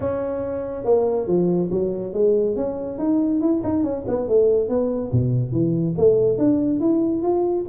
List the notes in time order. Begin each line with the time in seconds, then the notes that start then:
0.00 C#4
0.84 A#3
1.27 F3
1.71 F#3
2.13 G#3
2.56 C#4
2.98 D#4
3.40 E4
3.63 D#4
3.83 C#4
4.07 B3
4.28 A3
4.68 B3
5.12 B2
5.52 E3
5.97 A3
6.38 D4
6.80 E4
7.22 F4